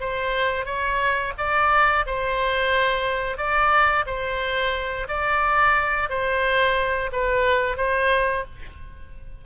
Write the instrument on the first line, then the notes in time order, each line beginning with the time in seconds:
oboe
0.00 C5
0.65 C#5
1.38 D5
2.06 C5
3.37 D5
4.06 C5
5.08 D5
6.09 C5
7.12 B4
7.77 C5